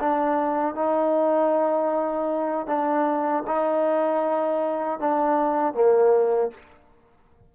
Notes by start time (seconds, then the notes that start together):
0.00 D4
0.74 D#4
2.67 D4
3.47 D#4
4.99 D4
5.74 A#3